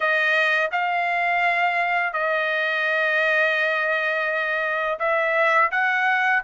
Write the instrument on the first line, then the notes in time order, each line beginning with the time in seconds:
trumpet
0.00 D#5
0.71 F5
2.13 D#5
4.99 E5
5.71 F#5